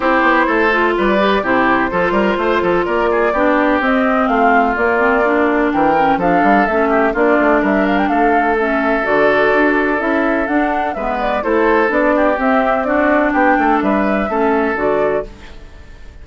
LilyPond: <<
  \new Staff \with { instrumentName = "flute" } { \time 4/4 \tempo 4 = 126 c''2 d''4 c''4~ | c''2 d''2 | dis''4 f''4 d''2 | g''4 f''4 e''4 d''4 |
e''8 f''16 g''16 f''4 e''4 d''4~ | d''4 e''4 fis''4 e''8 d''8 | c''4 d''4 e''4 d''4 | g''4 e''2 d''4 | }
  \new Staff \with { instrumentName = "oboe" } { \time 4/4 g'4 a'4 b'4 g'4 | a'8 ais'8 c''8 a'8 ais'8 gis'8 g'4~ | g'4 f'2. | ais'4 a'4. g'8 f'4 |
ais'4 a'2.~ | a'2. b'4 | a'4. g'4. fis'4 | g'8 a'8 b'4 a'2 | }
  \new Staff \with { instrumentName = "clarinet" } { \time 4/4 e'4. f'4 g'8 e'4 | f'2. d'4 | c'2 ais8 c'8 d'4~ | d'8 cis'8 d'4 cis'4 d'4~ |
d'2 cis'4 fis'4~ | fis'4 e'4 d'4 b4 | e'4 d'4 c'4 d'4~ | d'2 cis'4 fis'4 | }
  \new Staff \with { instrumentName = "bassoon" } { \time 4/4 c'8 b8 a4 g4 c4 | f8 g8 a8 f8 ais4 b4 | c'4 a4 ais2 | e4 f8 g8 a4 ais8 a8 |
g4 a2 d4 | d'4 cis'4 d'4 gis4 | a4 b4 c'2 | b8 a8 g4 a4 d4 | }
>>